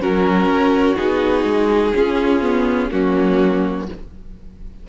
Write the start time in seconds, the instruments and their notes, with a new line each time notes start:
0.00 cello F#3, viola C#4, violin F#4 A#4
0.46 cello C#4
0.97 cello B3, viola D#4, violin G#4
1.44 cello G#3
1.94 viola C#4, cello C#4, violin F4
2.42 viola B3
2.91 cello F#3, viola A#3, violin C#4 F#4